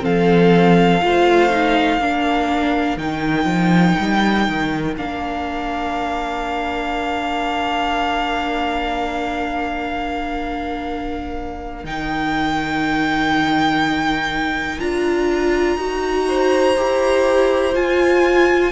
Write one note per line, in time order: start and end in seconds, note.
0.00 1.02 F3
0.00 0.98 C4
0.00 1.02 A4
0.00 2.97 F5
1.01 1.98 A3
1.01 1.50 F4
1.01 2.01 C5
1.50 1.99 D#4
1.98 2.97 A#3
1.98 2.97 D4
1.98 16.27 A#4
2.97 3.45 D#3
2.97 4.94 D#4
2.97 4.94 G5
3.45 3.94 F3
3.99 4.48 G3
4.48 4.97 D#3
4.97 11.84 A#3
4.97 11.85 D4
4.97 11.85 F5
11.84 14.79 D#3
11.84 14.80 D#4
11.84 14.79 G5
14.79 15.76 D4
14.79 15.78 F4
14.79 17.74 A#5
15.76 16.75 D#4
15.76 16.76 F#4
16.28 18.72 C5
16.77 17.75 E4
16.77 17.74 G4
17.74 18.72 F4
17.74 18.72 G#5